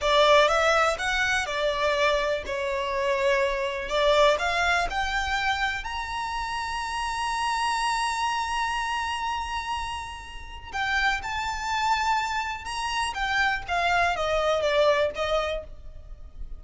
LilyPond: \new Staff \with { instrumentName = "violin" } { \time 4/4 \tempo 4 = 123 d''4 e''4 fis''4 d''4~ | d''4 cis''2. | d''4 f''4 g''2 | ais''1~ |
ais''1~ | ais''2 g''4 a''4~ | a''2 ais''4 g''4 | f''4 dis''4 d''4 dis''4 | }